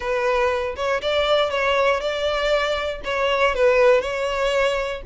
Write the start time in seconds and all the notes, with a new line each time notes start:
0.00 B4
0.76 C#5
1.01 D5
1.50 C#5
2.00 D5
3.04 C#5
3.54 B4
4.01 C#5